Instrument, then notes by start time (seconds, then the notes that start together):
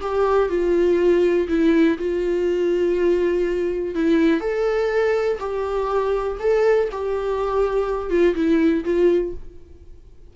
viola
0.00 G4
0.49 F4
1.48 E4
1.98 F4
3.95 E4
4.40 A4
5.39 G4
6.39 A4
6.91 G4
8.10 F4
8.35 E4
8.84 F4